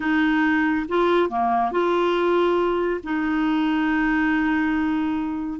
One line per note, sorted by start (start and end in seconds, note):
0.00 0.86 D#4
0.88 1.29 F4
1.29 1.71 A#3
1.71 3.01 F4
3.03 5.59 D#4